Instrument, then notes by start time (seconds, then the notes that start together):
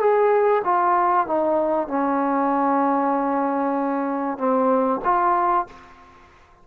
trombone
0.00 G#4
0.64 F4
1.27 D#4
1.88 C#4
4.38 C4
5.04 F4